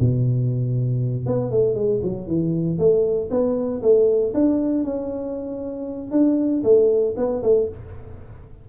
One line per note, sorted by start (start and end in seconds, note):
0.00 1.27 B2
1.27 1.51 B3
1.51 1.75 A3
1.75 2.01 G#3
2.03 2.28 F#3
2.28 2.79 E3
2.79 3.30 A3
3.31 3.82 B3
3.83 4.34 A3
4.34 4.84 D4
4.84 6.12 C#4
6.12 6.63 D4
6.64 7.15 A3
7.17 7.43 B3
7.43 7.69 A3